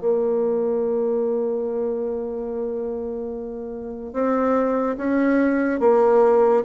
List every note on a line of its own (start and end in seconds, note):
0.00 4.13 A#3
4.13 4.97 C4
4.97 5.80 C#4
5.80 6.63 A#3